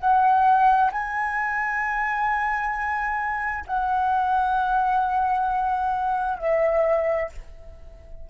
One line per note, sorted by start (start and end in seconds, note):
0.00 0.91 F#5
0.92 3.65 G#5
3.67 6.38 F#5
6.38 7.29 E5